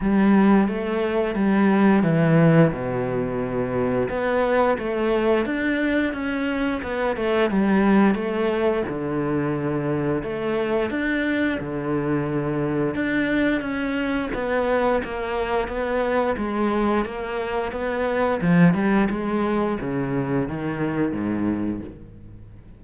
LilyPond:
\new Staff \with { instrumentName = "cello" } { \time 4/4 \tempo 4 = 88 g4 a4 g4 e4 | b,2 b4 a4 | d'4 cis'4 b8 a8 g4 | a4 d2 a4 |
d'4 d2 d'4 | cis'4 b4 ais4 b4 | gis4 ais4 b4 f8 g8 | gis4 cis4 dis4 gis,4 | }